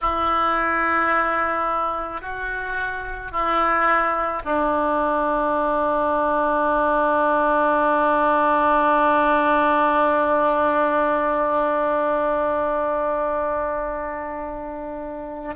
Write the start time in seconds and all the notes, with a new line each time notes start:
0.01 E4
2.21 F#4
3.31 E4
4.44 D4